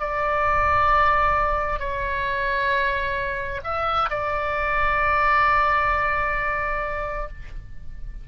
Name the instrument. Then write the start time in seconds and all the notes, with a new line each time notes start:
oboe
0.00 D5
1.79 C#5
3.64 E5
4.10 D5